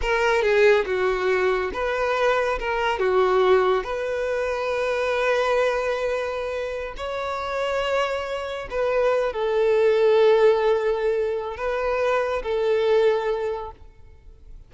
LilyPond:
\new Staff \with { instrumentName = "violin" } { \time 4/4 \tempo 4 = 140 ais'4 gis'4 fis'2 | b'2 ais'4 fis'4~ | fis'4 b'2.~ | b'1~ |
b'16 cis''2.~ cis''8.~ | cis''16 b'4. a'2~ a'16~ | a'2. b'4~ | b'4 a'2. | }